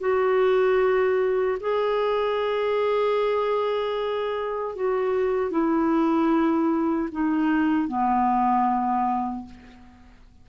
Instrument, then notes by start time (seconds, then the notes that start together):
clarinet
0.00 F#4
1.60 G#4
4.75 F#4
5.51 E4
7.12 D#4
7.88 B3